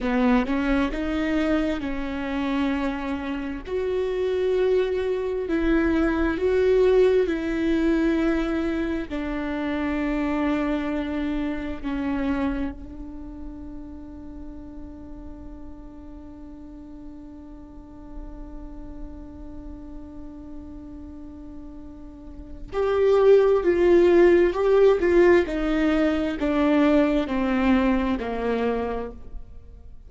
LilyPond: \new Staff \with { instrumentName = "viola" } { \time 4/4 \tempo 4 = 66 b8 cis'8 dis'4 cis'2 | fis'2 e'4 fis'4 | e'2 d'2~ | d'4 cis'4 d'2~ |
d'1~ | d'1~ | d'4 g'4 f'4 g'8 f'8 | dis'4 d'4 c'4 ais4 | }